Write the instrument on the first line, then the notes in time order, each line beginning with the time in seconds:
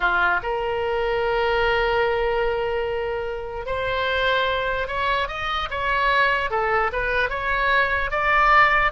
oboe
0.00 F4
0.43 A#4
3.66 C5
4.87 C#5
5.28 D#5
5.70 C#5
6.50 A4
6.92 B4
7.29 C#5
8.10 D5